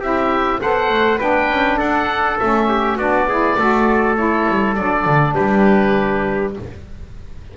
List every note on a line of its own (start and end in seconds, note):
0.00 0.60 C4
0.00 0.60 E4
0.00 0.59 G4
0.00 0.61 E5
0.60 0.89 B3
0.60 1.18 A4
0.60 1.18 C5
0.60 1.20 F#5
0.89 1.19 A3
1.18 1.50 B3
1.18 2.37 D4
1.18 1.77 B4
1.18 1.79 G5
1.50 1.79 C#4
1.77 2.38 D4
1.77 2.67 A4
1.77 2.38 F#5
2.39 2.97 A3
2.39 2.99 C#4
2.39 2.98 E5
2.69 2.96 G4
2.96 3.56 B3
2.96 3.29 D4
2.96 3.26 F#4
2.96 4.16 D5
3.28 3.58 E4
3.28 3.58 G#4
3.58 4.47 A3
3.58 4.15 F#4
3.58 5.35 A4
4.15 4.75 E4
4.15 4.75 C#5
4.49 4.77 G3
4.75 5.06 F#3
4.75 6.55 D4
4.75 5.34 D5
5.06 5.36 D3
5.35 6.57 G3
5.35 6.54 G4
5.35 6.54 B4